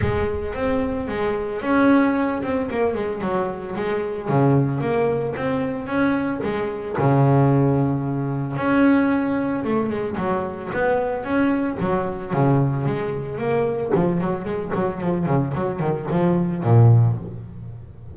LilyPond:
\new Staff \with { instrumentName = "double bass" } { \time 4/4 \tempo 4 = 112 gis4 c'4 gis4 cis'4~ | cis'8 c'8 ais8 gis8 fis4 gis4 | cis4 ais4 c'4 cis'4 | gis4 cis2. |
cis'2 a8 gis8 fis4 | b4 cis'4 fis4 cis4 | gis4 ais4 f8 fis8 gis8 fis8 | f8 cis8 fis8 dis8 f4 ais,4 | }